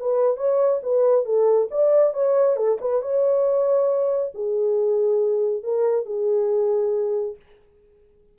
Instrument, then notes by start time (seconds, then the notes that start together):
horn
0.00 B4
0.37 C#5
0.83 B4
1.25 A4
1.71 D5
2.14 C#5
2.57 A4
2.81 B4
3.02 C#5
4.35 G#4
5.63 A#4
6.06 G#4